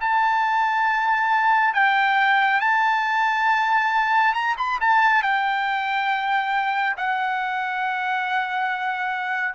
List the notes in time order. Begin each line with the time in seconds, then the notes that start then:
0.00 A5
1.74 G5
2.61 A5
4.34 A#5
4.57 B5
4.81 A5
5.23 G5
6.97 F#5